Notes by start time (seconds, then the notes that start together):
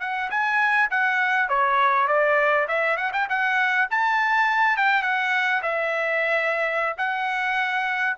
0.00 F#5
0.30 G#5
0.90 F#5
1.49 C#5
2.07 D5
2.68 E5
2.96 F#5
3.13 G5
3.29 F#5
3.90 A5
4.77 G5
5.02 F#5
5.62 E5
6.97 F#5